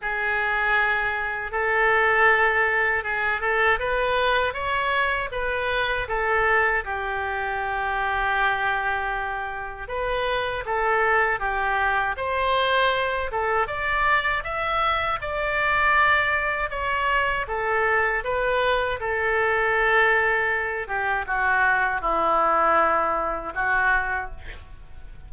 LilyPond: \new Staff \with { instrumentName = "oboe" } { \time 4/4 \tempo 4 = 79 gis'2 a'2 | gis'8 a'8 b'4 cis''4 b'4 | a'4 g'2.~ | g'4 b'4 a'4 g'4 |
c''4. a'8 d''4 e''4 | d''2 cis''4 a'4 | b'4 a'2~ a'8 g'8 | fis'4 e'2 fis'4 | }